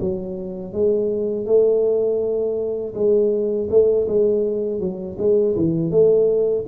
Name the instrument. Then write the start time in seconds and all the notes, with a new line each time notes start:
tuba
0.00 F#3
0.72 G#3
1.45 A3
2.94 G#3
3.70 A3
4.07 G#3
4.79 F#3
5.18 G#3
5.56 E3
5.90 A3